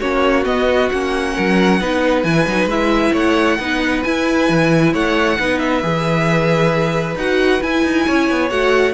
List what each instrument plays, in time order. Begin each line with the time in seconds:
0.00 cello A#3, viola C#4, violin F#4 C#5
0.44 viola B3, cello B3, violin D#5
0.90 cello A#3, viola C#4, violin F#5
1.35 cello F#3, violin A#4
1.80 cello B3, viola D#4, violin B4
2.23 cello E3, viola E4, violin G#5
2.47 cello F#3, viola D#4
2.65 cello G#3, viola E4, violin E5
3.12 cello A3, violin C#5 F#5
3.59 cello B3, viola D#4, violin B4
4.04 viola E4, cello E4, violin G#5
4.49 cello E3
4.93 cello A3, violin C#5 F#5
5.39 cello B3, viola D#4, violin B4
5.59 violin E5
5.82 cello E3, viola G#4
7.15 cello D#4, viola F#4, violin F#5
7.61 viola E4, cello E4, violin G#5
7.84 cello D#4
8.06 cello C#4, violin C#5
8.30 cello B3
8.50 cello A3, viola F#4, violin F#5